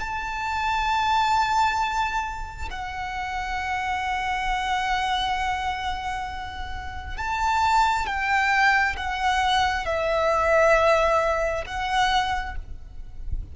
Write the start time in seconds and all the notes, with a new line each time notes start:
0.00 A5
2.70 F#5
7.17 A5
8.06 G5
8.96 F#5
9.85 E5
11.66 F#5